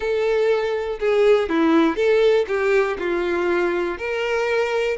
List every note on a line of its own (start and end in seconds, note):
0.00 0.99 A4
0.99 1.49 G#4
1.49 1.95 E4
1.95 2.45 A4
2.47 2.97 G4
2.99 3.98 F4
3.98 4.97 A#4